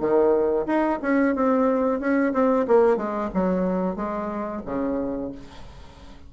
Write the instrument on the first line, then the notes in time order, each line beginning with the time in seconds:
bassoon
0.00 D#3
0.66 D#4
1.02 C#4
1.35 C4
2.00 C#4
2.33 C4
2.68 A#3
2.96 G#3
3.34 F#3
3.96 G#3
4.66 C#3